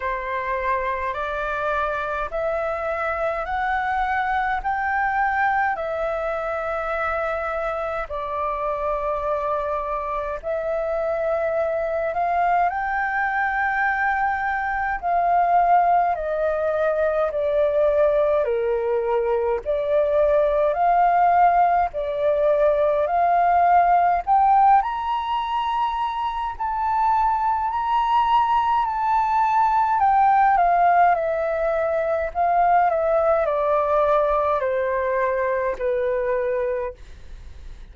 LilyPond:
\new Staff \with { instrumentName = "flute" } { \time 4/4 \tempo 4 = 52 c''4 d''4 e''4 fis''4 | g''4 e''2 d''4~ | d''4 e''4. f''8 g''4~ | g''4 f''4 dis''4 d''4 |
ais'4 d''4 f''4 d''4 | f''4 g''8 ais''4. a''4 | ais''4 a''4 g''8 f''8 e''4 | f''8 e''8 d''4 c''4 b'4 | }